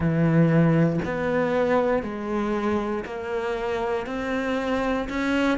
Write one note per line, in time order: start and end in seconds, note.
0.00 0.99 E3
1.04 2.02 B3
2.02 3.04 G#3
3.05 4.06 A#3
4.06 5.08 C4
5.09 5.58 C#4